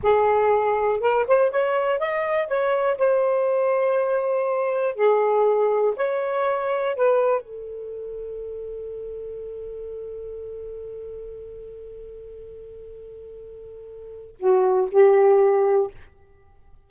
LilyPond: \new Staff \with { instrumentName = "saxophone" } { \time 4/4 \tempo 4 = 121 gis'2 ais'8 c''8 cis''4 | dis''4 cis''4 c''2~ | c''2 gis'2 | cis''2 b'4 a'4~ |
a'1~ | a'1~ | a'1~ | a'4 fis'4 g'2 | }